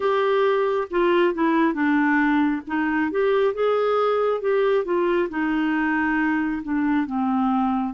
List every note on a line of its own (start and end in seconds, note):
0.00 0.88 G4
0.90 1.34 F4
1.34 1.73 E4
1.73 2.61 D4
2.67 3.11 D#4
3.11 3.54 G4
3.54 4.41 G#4
4.41 4.84 G4
4.84 5.29 F4
5.29 6.62 D#4
6.63 7.06 D4
7.06 7.93 C4